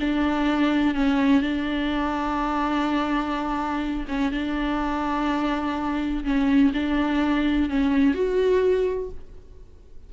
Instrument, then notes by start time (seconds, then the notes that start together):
viola
0.00 D4
0.95 C#4
1.42 D4
4.08 C#4
4.32 D4
6.24 C#4
6.73 D4
7.69 C#4
8.14 F#4